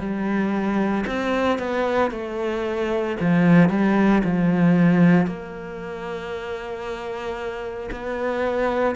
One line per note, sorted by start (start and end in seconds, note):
0.00 1.05 G3
1.07 1.59 C4
1.59 2.11 B3
2.11 3.17 A3
3.21 3.70 F3
3.70 4.22 G3
4.24 5.27 F3
5.27 7.90 A#3
7.92 8.96 B3